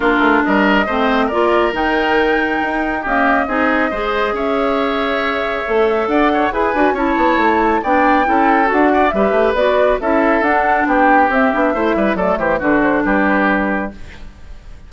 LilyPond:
<<
  \new Staff \with { instrumentName = "flute" } { \time 4/4 \tempo 4 = 138 ais'4 dis''2 d''4 | g''2. dis''4~ | dis''2 e''2~ | e''2 fis''4 gis''4 |
a''2 g''2 | fis''4 e''4 d''4 e''4 | fis''4 g''4 e''2 | d''8 c''8 b'8 c''8 b'2 | }
  \new Staff \with { instrumentName = "oboe" } { \time 4/4 f'4 ais'4 c''4 ais'4~ | ais'2. g'4 | gis'4 c''4 cis''2~ | cis''2 d''8 cis''8 b'4 |
cis''2 d''4 a'4~ | a'8 d''8 b'2 a'4~ | a'4 g'2 c''8 b'8 | a'8 g'8 fis'4 g'2 | }
  \new Staff \with { instrumentName = "clarinet" } { \time 4/4 d'2 c'4 f'4 | dis'2. ais4 | dis'4 gis'2.~ | gis'4 a'2 gis'8 fis'8 |
e'2 d'4 e'4 | fis'4 g'4 fis'4 e'4 | d'2 c'8 d'8 e'4 | a4 d'2. | }
  \new Staff \with { instrumentName = "bassoon" } { \time 4/4 ais8 a8 g4 a4 ais4 | dis2 dis'4 cis'4 | c'4 gis4 cis'2~ | cis'4 a4 d'4 e'8 d'8 |
cis'8 b8 a4 b4 cis'4 | d'4 g8 a8 b4 cis'4 | d'4 b4 c'8 b8 a8 g8 | fis8 e8 d4 g2 | }
>>